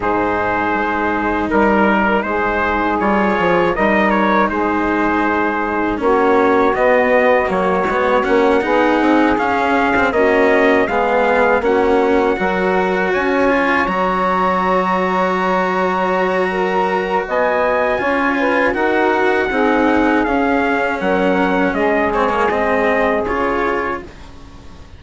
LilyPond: <<
  \new Staff \with { instrumentName = "trumpet" } { \time 4/4 \tempo 4 = 80 c''2 ais'4 c''4 | cis''4 dis''8 cis''8 c''2 | cis''4 dis''4 cis''4 fis''4~ | fis''8 f''4 dis''4 f''4 fis''8~ |
fis''4. gis''4 ais''4.~ | ais''2. gis''4~ | gis''4 fis''2 f''4 | fis''4 dis''8 cis''8 dis''4 cis''4 | }
  \new Staff \with { instrumentName = "saxophone" } { \time 4/4 gis'2 ais'4 gis'4~ | gis'4 ais'4 gis'2 | fis'2.~ fis'8 gis'8~ | gis'4. fis'4 gis'4 fis'8~ |
fis'8 ais'4 cis''2~ cis''8~ | cis''2 ais'4 dis''4 | cis''8 b'8 ais'4 gis'2 | ais'4 gis'2. | }
  \new Staff \with { instrumentName = "cello" } { \time 4/4 dis'1 | f'4 dis'2. | cis'4 b4 ais8 b8 cis'8 dis'8~ | dis'8 cis'8. c'16 cis'4 b4 cis'8~ |
cis'8 fis'4. f'8 fis'4.~ | fis'1 | f'4 fis'4 dis'4 cis'4~ | cis'4. c'16 ais16 c'4 f'4 | }
  \new Staff \with { instrumentName = "bassoon" } { \time 4/4 gis,4 gis4 g4 gis4 | g8 f8 g4 gis2 | ais4 b4 fis8 gis8 ais8 b8 | c'8 cis'4 ais4 gis4 ais8~ |
ais8 fis4 cis'4 fis4.~ | fis2. b4 | cis'4 dis'4 c'4 cis'4 | fis4 gis2 cis4 | }
>>